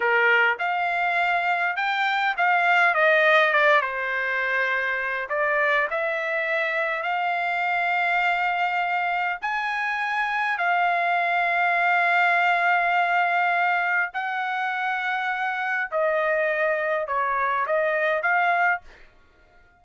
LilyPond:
\new Staff \with { instrumentName = "trumpet" } { \time 4/4 \tempo 4 = 102 ais'4 f''2 g''4 | f''4 dis''4 d''8 c''4.~ | c''4 d''4 e''2 | f''1 |
gis''2 f''2~ | f''1 | fis''2. dis''4~ | dis''4 cis''4 dis''4 f''4 | }